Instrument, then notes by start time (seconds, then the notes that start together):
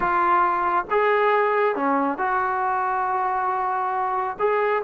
trombone
0.00 F4
0.90 G#4
1.75 C#4
2.18 F#4
4.39 G#4